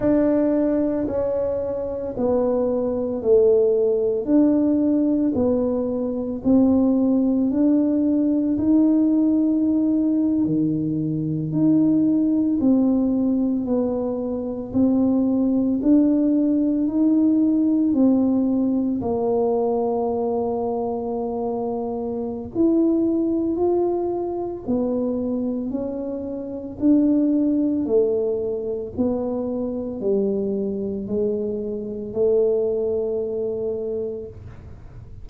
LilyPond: \new Staff \with { instrumentName = "tuba" } { \time 4/4 \tempo 4 = 56 d'4 cis'4 b4 a4 | d'4 b4 c'4 d'4 | dis'4.~ dis'16 dis4 dis'4 c'16~ | c'8. b4 c'4 d'4 dis'16~ |
dis'8. c'4 ais2~ ais16~ | ais4 e'4 f'4 b4 | cis'4 d'4 a4 b4 | g4 gis4 a2 | }